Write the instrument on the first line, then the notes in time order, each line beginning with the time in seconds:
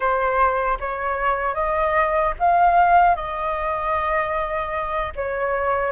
flute
0.00 C5
0.79 C#5
1.54 D#5
2.39 F5
3.15 D#5
5.15 C#5